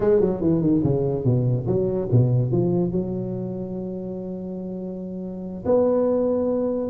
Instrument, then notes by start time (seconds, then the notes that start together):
tuba
0.00 G#3
0.20 F#3
0.41 E3
0.61 D#3
0.83 C#3
1.24 B2
1.66 F#3
2.11 B2
2.51 F3
2.91 F#3
5.65 B3